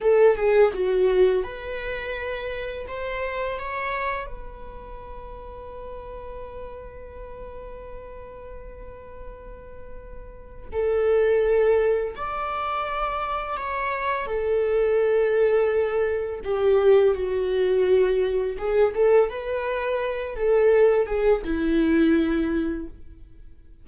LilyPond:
\new Staff \with { instrumentName = "viola" } { \time 4/4 \tempo 4 = 84 a'8 gis'8 fis'4 b'2 | c''4 cis''4 b'2~ | b'1~ | b'2. a'4~ |
a'4 d''2 cis''4 | a'2. g'4 | fis'2 gis'8 a'8 b'4~ | b'8 a'4 gis'8 e'2 | }